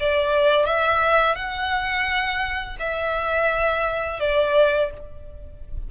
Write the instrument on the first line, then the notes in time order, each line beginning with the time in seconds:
violin
0.00 D5
0.66 E5
1.35 F#5
2.79 E5
4.20 D5